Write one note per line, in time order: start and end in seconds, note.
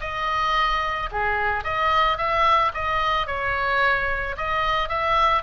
0.00 1.09 D#5
1.11 1.64 G#4
1.64 2.17 D#5
2.17 2.72 E5
2.74 3.27 D#5
3.27 4.36 C#5
4.37 4.88 D#5
4.88 5.42 E5